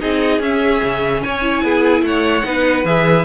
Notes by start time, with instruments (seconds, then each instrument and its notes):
0.00 cello C4, viola D#4, violin G#4 D#5
0.40 cello C#4, viola C#4, violin E5
0.83 cello C#3
1.23 cello C#4, violin C#5 G#5
1.42 viola E4
1.63 cello B3, violin G#4
2.02 cello A3, violin C#5 F#5
2.45 cello B3, viola D#4, violin B4
2.85 cello E3, viola G#4, violin E5